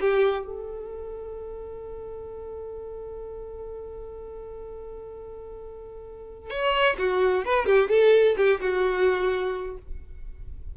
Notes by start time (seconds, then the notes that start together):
0.00 G4
0.46 A4
6.50 C#5
6.98 F#4
7.45 B4
7.66 G4
7.89 A4
8.37 G4
8.60 F#4